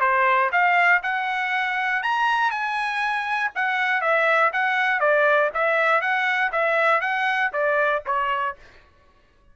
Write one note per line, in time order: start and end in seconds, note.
0.00 0.50 C5
0.52 1.02 F5
1.02 2.02 F#5
2.02 2.51 A#5
2.51 3.51 G#5
3.55 4.01 F#5
4.01 4.51 E5
4.52 5.00 F#5
5.00 5.50 D5
5.54 6.01 E5
6.01 6.51 F#5
6.52 7.01 E5
7.01 7.51 F#5
7.53 8.03 D5
8.06 8.56 C#5